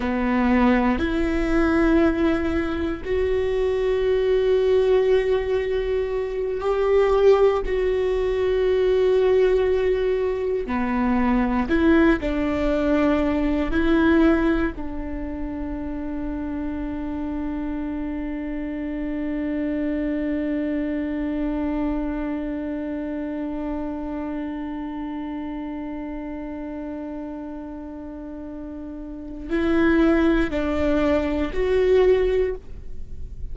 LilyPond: \new Staff \with { instrumentName = "viola" } { \time 4/4 \tempo 4 = 59 b4 e'2 fis'4~ | fis'2~ fis'8 g'4 fis'8~ | fis'2~ fis'8 b4 e'8 | d'4. e'4 d'4.~ |
d'1~ | d'1~ | d'1~ | d'4 e'4 d'4 fis'4 | }